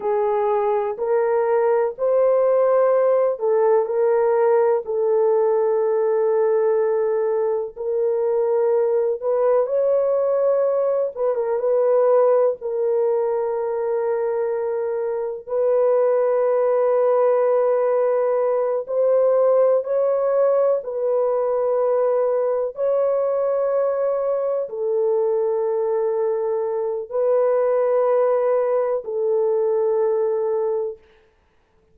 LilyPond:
\new Staff \with { instrumentName = "horn" } { \time 4/4 \tempo 4 = 62 gis'4 ais'4 c''4. a'8 | ais'4 a'2. | ais'4. b'8 cis''4. b'16 ais'16 | b'4 ais'2. |
b'2.~ b'8 c''8~ | c''8 cis''4 b'2 cis''8~ | cis''4. a'2~ a'8 | b'2 a'2 | }